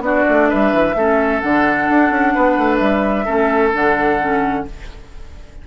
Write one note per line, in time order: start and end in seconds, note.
0.00 0.23 B3
0.00 0.95 D4
0.00 0.49 F#4
0.00 0.49 D5
0.29 0.52 A3
0.49 0.73 G3
0.49 0.95 B4
0.49 1.40 E5
0.73 0.95 E3
0.95 1.41 A3
0.95 1.42 C#4
0.95 2.34 A4
1.40 1.89 D3
1.40 3.25 D4
1.40 2.77 F#5
1.89 2.10 D4
2.10 2.33 C#4
2.34 2.57 B3
2.34 3.25 B4
2.57 2.80 A3
2.77 3.26 G3
2.77 3.69 E5
3.25 3.73 A3
3.25 3.72 C#4
3.25 4.63 A4
3.73 4.66 D3
3.73 4.19 D4
3.73 4.67 F#5
4.20 4.66 C#4